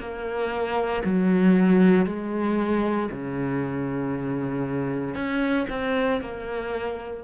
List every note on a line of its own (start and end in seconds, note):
0.00 1.03 A#3
1.05 2.06 F#3
2.06 3.10 G#3
3.11 5.15 C#3
5.15 5.67 C#4
5.70 6.21 C4
6.21 7.25 A#3